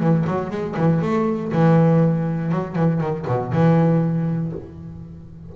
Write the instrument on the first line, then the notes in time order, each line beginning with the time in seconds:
double bass
0.00 E3
0.27 F#3
0.50 G#3
0.77 E3
1.02 A3
1.52 E3
2.52 F#3
2.75 E3
3.01 D#3
3.27 B2
3.52 E3